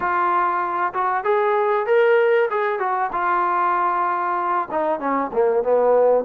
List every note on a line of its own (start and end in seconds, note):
0.00 0.93 F4
0.93 1.23 F#4
1.23 1.86 G#4
1.86 2.49 A#4
2.50 2.79 G#4
2.79 3.10 F#4
3.12 4.68 F4
4.70 4.99 D#4
4.99 5.30 C#4
5.32 5.63 A#3
5.63 6.24 B3